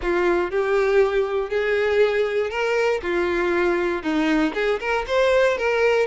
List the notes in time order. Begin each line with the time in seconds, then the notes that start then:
0.02 F4
0.50 G4
1.49 G#4
2.50 A#4
3.02 F4
4.02 D#4
4.54 G#4
4.79 A#4
5.07 C5
5.57 A#4